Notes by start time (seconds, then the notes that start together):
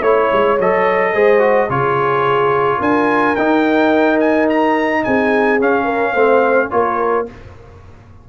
0.00 A3 E4 C#5
0.32 G#3
0.59 F#3 A4 D#5
1.13 G#3 G#4 C5
1.39 F#4
1.69 C#3 F4 G#4 C#5
2.78 D4 A#4 G#5
3.36 D#4 G5
4.20 G#5
4.49 A#5
5.04 C4 G#4 G#5
5.60 C#4 F5
5.84 A#4
6.13 A3 C4 C5
6.70 A#3 F4 A#4 C#5